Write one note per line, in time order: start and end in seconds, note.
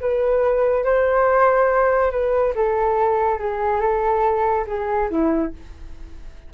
0.00 0.84 B4
0.84 2.11 C5
2.11 2.54 B4
2.55 3.38 A4
3.38 3.80 G#4
3.80 4.65 A4
4.67 5.09 G#4
5.10 5.52 E4